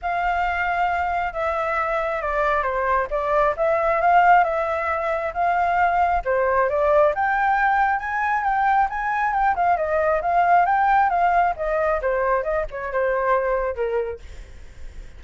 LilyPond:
\new Staff \with { instrumentName = "flute" } { \time 4/4 \tempo 4 = 135 f''2. e''4~ | e''4 d''4 c''4 d''4 | e''4 f''4 e''2 | f''2 c''4 d''4 |
g''2 gis''4 g''4 | gis''4 g''8 f''8 dis''4 f''4 | g''4 f''4 dis''4 c''4 | dis''8 cis''8 c''2 ais'4 | }